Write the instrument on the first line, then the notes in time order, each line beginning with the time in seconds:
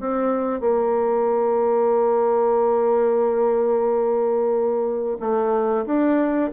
bassoon
0.00 C4
0.60 A#3
5.20 A3
5.85 D4